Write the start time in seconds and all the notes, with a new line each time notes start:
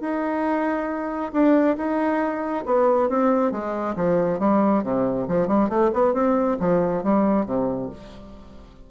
0.00 D#4
1.32 D4
1.76 D#4
2.65 B3
3.09 C4
3.51 G#3
3.95 F3
4.39 G3
4.83 C3
5.28 F3
5.47 G3
5.69 A3
5.93 B3
6.13 C4
6.59 F3
7.03 G3
7.45 C3